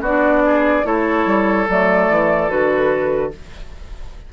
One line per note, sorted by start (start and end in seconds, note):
0.00 0.82 B3
0.00 0.84 D4
0.00 0.42 F#4
0.00 0.85 D5
0.45 0.86 G#4
0.84 1.26 A3
0.84 1.66 E4
0.84 3.33 A4
0.84 1.68 C#5
1.26 1.67 G3
1.68 2.09 F#3
1.68 2.48 A3
1.68 2.49 D5
2.09 2.50 E3
2.48 3.32 D3
2.48 3.30 F#4
2.48 3.32 B4